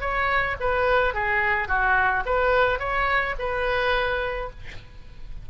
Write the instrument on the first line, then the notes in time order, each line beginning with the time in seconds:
oboe
0.00 C#5
0.60 B4
1.14 G#4
1.68 F#4
2.25 B4
2.79 C#5
3.38 B4